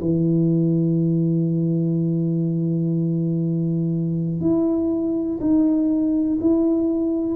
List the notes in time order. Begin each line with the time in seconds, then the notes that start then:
0.00 E3
4.40 E4
5.40 D#4
6.41 E4